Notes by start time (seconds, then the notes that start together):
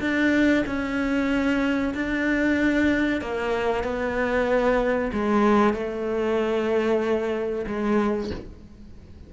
0.00 D4
0.66 C#4
1.94 D4
3.21 A#3
3.83 B3
5.13 G#3
5.74 A3
7.67 G#3